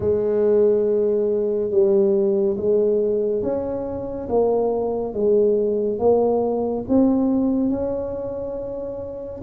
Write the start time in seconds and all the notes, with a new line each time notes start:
0.00 G#3
1.71 G3
2.57 G#3
3.42 C#4
4.29 A#3
5.13 G#3
5.98 A#3
6.88 C4
7.69 C#4